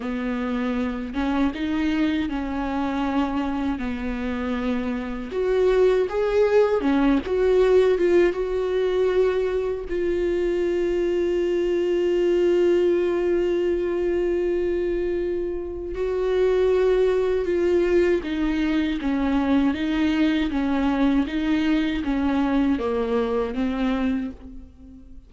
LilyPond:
\new Staff \with { instrumentName = "viola" } { \time 4/4 \tempo 4 = 79 b4. cis'8 dis'4 cis'4~ | cis'4 b2 fis'4 | gis'4 cis'8 fis'4 f'8 fis'4~ | fis'4 f'2.~ |
f'1~ | f'4 fis'2 f'4 | dis'4 cis'4 dis'4 cis'4 | dis'4 cis'4 ais4 c'4 | }